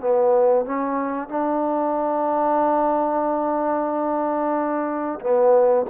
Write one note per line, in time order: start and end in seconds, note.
0.00 0.65 B3
0.66 1.29 C#4
1.29 5.20 D4
5.21 5.86 B3